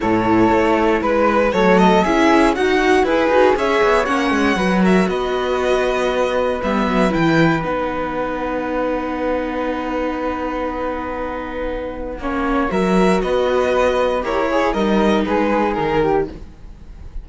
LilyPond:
<<
  \new Staff \with { instrumentName = "violin" } { \time 4/4 \tempo 4 = 118 cis''2 b'4 cis''8 dis''8 | e''4 fis''4 b'4 e''4 | fis''4. e''8 dis''2~ | dis''4 e''4 g''4 fis''4~ |
fis''1~ | fis''1~ | fis''4 e''4 dis''2 | cis''4 dis''4 b'4 ais'4 | }
  \new Staff \with { instrumentName = "flute" } { \time 4/4 a'2 b'4 a'4 | gis'4 fis'4 gis'4 cis''4~ | cis''4 b'8 ais'8 b'2~ | b'1~ |
b'1~ | b'1 | cis''4 ais'4 b'2 | ais'8 gis'8 ais'4 gis'4. g'8 | }
  \new Staff \with { instrumentName = "viola" } { \time 4/4 e'2. a4 | e'4 fis'4 e'8 fis'8 gis'4 | cis'4 fis'2.~ | fis'4 b4 e'4 dis'4~ |
dis'1~ | dis'1 | cis'4 fis'2. | g'8 gis'8 dis'2. | }
  \new Staff \with { instrumentName = "cello" } { \time 4/4 a,4 a4 gis4 fis4 | cis'4 dis'4 e'8 dis'8 cis'8 b8 | ais8 gis8 fis4 b2~ | b4 g8 fis8 e4 b4~ |
b1~ | b1 | ais4 fis4 b2 | e'4 g4 gis4 dis4 | }
>>